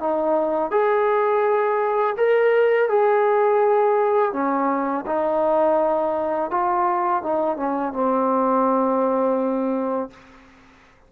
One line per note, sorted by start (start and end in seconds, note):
0.00 0.71 D#4
0.71 2.16 G#4
2.17 2.89 A#4
2.89 4.33 G#4
4.33 5.05 C#4
5.06 6.51 D#4
6.51 7.23 F4
7.23 7.57 D#4
7.57 7.93 C#4
7.93 10.10 C4